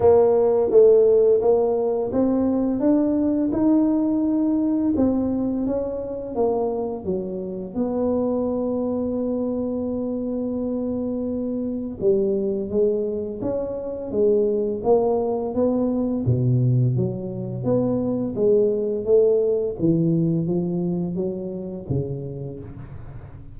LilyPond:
\new Staff \with { instrumentName = "tuba" } { \time 4/4 \tempo 4 = 85 ais4 a4 ais4 c'4 | d'4 dis'2 c'4 | cis'4 ais4 fis4 b4~ | b1~ |
b4 g4 gis4 cis'4 | gis4 ais4 b4 b,4 | fis4 b4 gis4 a4 | e4 f4 fis4 cis4 | }